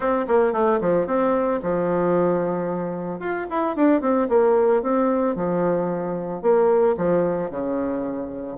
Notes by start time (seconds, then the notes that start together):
0.00 C4
0.27 A#3
0.52 A3
0.80 F3
1.06 C4
1.62 F3
3.19 F4
3.50 E4
3.75 D4
4.01 C4
4.28 A#3
4.82 C4
5.35 F3
6.42 A#3
6.97 F3
7.50 C#3